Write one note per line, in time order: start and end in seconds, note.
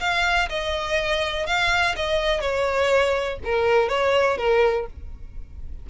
0.00 0.49 F5
0.49 1.46 D#5
1.46 1.95 F5
1.96 2.41 D#5
2.41 3.38 C#5
3.44 3.89 A#4
3.89 4.37 C#5
4.38 4.86 A#4